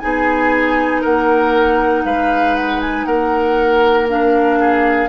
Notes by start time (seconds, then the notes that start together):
0.00 B3 D#4 G#4 G#5
1.01 A#3 A#4 F#5
2.04 G#3 B4 F5
2.55 F#5
2.81 G#5
3.06 A#3 A#4 F#5
4.08 D4 F5
4.60 G#4